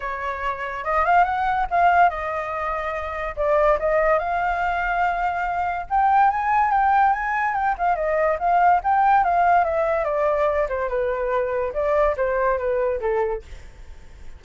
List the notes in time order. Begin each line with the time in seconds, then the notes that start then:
0.00 C#5
0.84 D#5
1.05 F5
1.24 F#5
1.70 F5
2.09 D#5
3.36 D5
3.79 D#5
4.18 F5
5.89 G5
6.30 G#5
6.71 G5
7.13 G#5
7.54 G5
7.78 F5
7.95 D#5
8.39 F5
8.83 G5
9.23 F5
9.64 E5
10.04 D5
10.68 C5
10.88 B4
11.73 D5
12.16 C5
12.58 B4
13.00 A4